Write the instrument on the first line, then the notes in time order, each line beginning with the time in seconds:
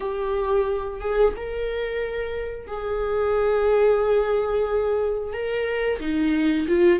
viola
0.00 G4
1.00 G#4
1.36 A#4
2.67 G#4
5.33 A#4
6.00 D#4
6.67 F4